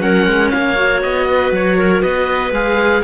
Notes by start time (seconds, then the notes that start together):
0.00 F#3 C#4 A#4 F#5
0.26 G#3
0.50 A#3 C#5 F5
0.75 F#4
1.02 B3 D#5
1.30 B4
1.51 F#3 C#5
1.77 A#4
2.02 B3 B4 D#5
2.51 G#3 G#4 F5